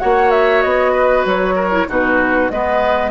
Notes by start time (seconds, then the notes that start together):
0.00 A#3 F#4 C#5 F#5
0.31 E5
0.62 B3 D#5
0.92 B4
1.26 F#3 C#5
1.56 A#4
1.71 E4
1.88 B2 D#4 F#4 B4
2.50 G#3 B3 B4 D#5